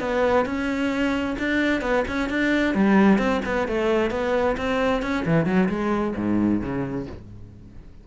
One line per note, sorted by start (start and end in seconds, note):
0.00 0.45 B3
0.45 1.36 C#4
1.39 1.81 D4
1.81 2.04 B3
2.08 2.29 C#4
2.29 2.75 D4
2.75 3.18 G3
3.18 3.41 C4
3.46 3.68 B3
3.68 4.11 A3
4.11 4.56 B3
4.57 5.02 C4
5.02 5.25 C#4
5.25 5.46 E3
5.46 5.68 F#3
5.69 6.14 G#3
6.16 6.61 G#2
6.61 7.07 C#3